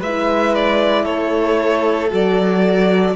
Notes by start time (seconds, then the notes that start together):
0.00 G#3 E4 B4 E5
0.55 D5
1.04 A3 A4 C#5
2.10 F#3 F#4 D5